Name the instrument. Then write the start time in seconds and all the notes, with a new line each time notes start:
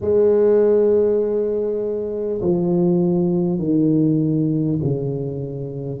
tuba
0.01 G#3
2.41 F3
3.58 D#3
4.83 C#3